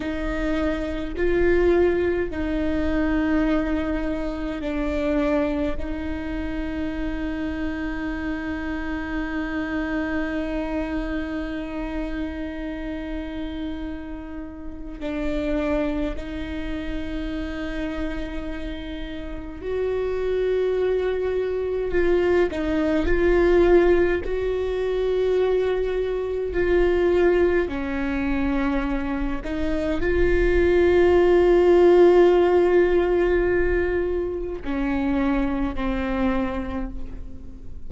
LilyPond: \new Staff \with { instrumentName = "viola" } { \time 4/4 \tempo 4 = 52 dis'4 f'4 dis'2 | d'4 dis'2.~ | dis'1~ | dis'4 d'4 dis'2~ |
dis'4 fis'2 f'8 dis'8 | f'4 fis'2 f'4 | cis'4. dis'8 f'2~ | f'2 cis'4 c'4 | }